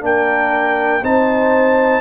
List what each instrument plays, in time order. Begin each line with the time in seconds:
0.00 tuba A#3, trombone D4, horn A#4, trumpet G5
1.02 tuba C4, trombone D#4, horn C5, trumpet A5